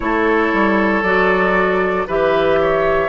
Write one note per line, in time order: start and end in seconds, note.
0.00 0.52 A3
0.00 1.03 E4
0.00 2.07 A4
0.00 1.03 C#5
0.53 1.03 G3
1.03 2.06 F#3
1.03 2.07 F#4
1.03 2.06 D5
2.07 3.09 E3
2.07 3.09 G4
2.07 2.59 B4
2.07 3.09 E5
2.60 3.09 C#5